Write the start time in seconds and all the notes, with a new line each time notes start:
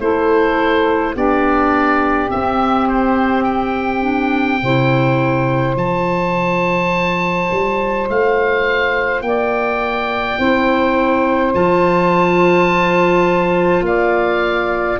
0.00 A3 E4 A4 C5
1.14 B3 D4 G4 D5
2.29 C4 E5
2.88 C5
3.44 G5
4.00 D4
4.62 C3 E4 C5
5.76 F3 F4 A5
7.51 G3
8.09 A3 F5
9.21 A#3 D5 G5
10.38 C4 E4 C5
11.54 F3 F4 A5
13.81 A#3 D5 F5